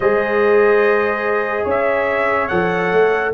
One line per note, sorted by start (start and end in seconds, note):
0.00 1.64 G#3
0.00 2.49 G#4
0.00 1.64 C5
0.00 1.67 D#5
1.64 2.49 C#4
1.64 3.30 C#5
1.64 2.48 E5
2.48 2.92 F3
2.48 3.33 A4
2.48 3.31 F#5
2.92 3.33 A3